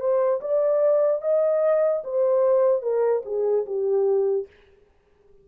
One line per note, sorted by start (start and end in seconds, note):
0.00 0.41 C5
0.41 1.22 D5
1.22 2.03 D#5
2.04 2.82 C5
2.82 3.22 A#4
3.25 3.66 G#4
3.66 4.47 G4